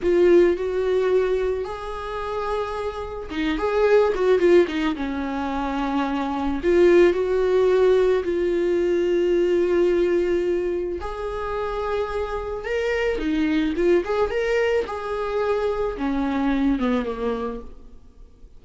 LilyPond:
\new Staff \with { instrumentName = "viola" } { \time 4/4 \tempo 4 = 109 f'4 fis'2 gis'4~ | gis'2 dis'8 gis'4 fis'8 | f'8 dis'8 cis'2. | f'4 fis'2 f'4~ |
f'1 | gis'2. ais'4 | dis'4 f'8 gis'8 ais'4 gis'4~ | gis'4 cis'4. b8 ais4 | }